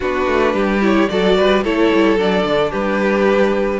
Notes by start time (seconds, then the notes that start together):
0.00 B3 D4 F#4 B4
0.27 A3
0.53 G3 G4
0.81 E4 C#5
1.09 F#3 F#4 A4 D5
1.37 G3 B4
1.63 A3 E4 A4 C#5
1.93 G3
2.16 F#3 D4 D5
2.44 D3
2.70 G3 G4 B4